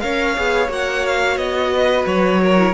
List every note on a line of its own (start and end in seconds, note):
0.00 0.37 C#4
0.00 0.36 A#4
0.00 1.73 C#5
0.00 0.68 F5
0.36 0.69 B3
0.36 0.68 G#4
0.68 1.37 A#3
0.68 2.56 F#4
0.68 1.06 F#5
1.06 1.37 F5
1.37 2.05 B3
1.37 2.05 D#5
1.73 2.41 B4
2.06 2.73 F#3
2.06 2.73 C#5
2.43 2.73 A#4
2.57 2.73 E4